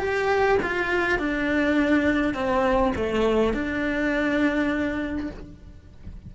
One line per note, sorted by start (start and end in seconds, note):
0.00 0.59 G4
0.63 1.19 F4
1.19 2.34 D4
2.34 2.93 C4
2.97 3.54 A3
3.54 5.30 D4